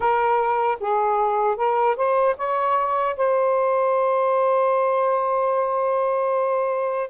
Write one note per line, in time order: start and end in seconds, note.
0.00 0.78 A#4
0.79 1.56 G#4
1.56 1.96 A#4
1.96 2.35 C5
2.37 3.16 C#5
3.16 7.09 C5